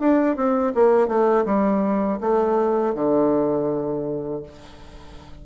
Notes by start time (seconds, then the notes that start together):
0.00 D4
0.36 C4
0.75 A#3
1.08 A3
1.46 G3
2.21 A3
2.95 D3